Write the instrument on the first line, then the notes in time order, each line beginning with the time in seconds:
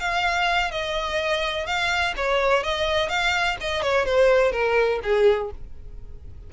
violin
0.00 F5
0.71 D#5
1.67 F5
2.17 C#5
2.64 D#5
3.09 F5
3.61 D#5
3.82 C#5
4.06 C5
4.52 A#4
5.03 G#4